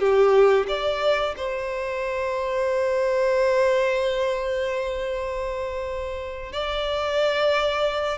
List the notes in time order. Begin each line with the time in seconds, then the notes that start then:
0.00 G4
0.68 D5
1.37 C5
6.53 D5